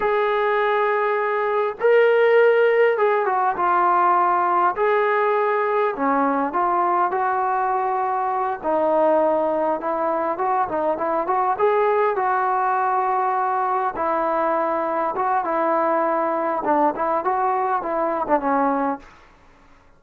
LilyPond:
\new Staff \with { instrumentName = "trombone" } { \time 4/4 \tempo 4 = 101 gis'2. ais'4~ | ais'4 gis'8 fis'8 f'2 | gis'2 cis'4 f'4 | fis'2~ fis'8 dis'4.~ |
dis'8 e'4 fis'8 dis'8 e'8 fis'8 gis'8~ | gis'8 fis'2. e'8~ | e'4. fis'8 e'2 | d'8 e'8 fis'4 e'8. d'16 cis'4 | }